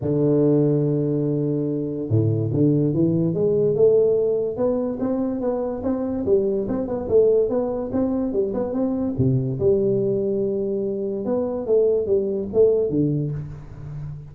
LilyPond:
\new Staff \with { instrumentName = "tuba" } { \time 4/4 \tempo 4 = 144 d1~ | d4 a,4 d4 e4 | gis4 a2 b4 | c'4 b4 c'4 g4 |
c'8 b8 a4 b4 c'4 | g8 b8 c'4 c4 g4~ | g2. b4 | a4 g4 a4 d4 | }